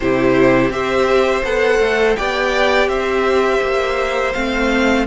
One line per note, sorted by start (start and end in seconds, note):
0.00 0.70 C3
0.00 0.71 E4
0.00 0.73 G4
0.00 0.72 C5
0.70 1.42 C4
0.70 1.43 G4
0.70 2.16 C5
0.70 1.44 E5
1.43 1.79 B3
1.43 2.17 A4
1.43 2.16 F#5
1.79 2.15 A3
2.16 2.87 B3
2.16 4.34 G4
2.16 2.89 D5
2.16 2.88 G5
2.87 3.59 C4
2.87 5.06 C5
2.87 4.32 E5
3.61 4.34 A#3
4.32 5.06 A3
4.32 5.06 C4
4.32 5.05 F5